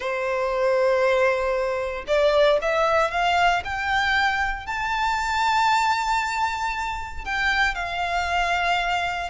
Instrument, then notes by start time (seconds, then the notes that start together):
violin
0.00 C5
2.07 D5
2.61 E5
3.11 F5
3.64 G5
4.66 A5
7.24 G5
7.74 F5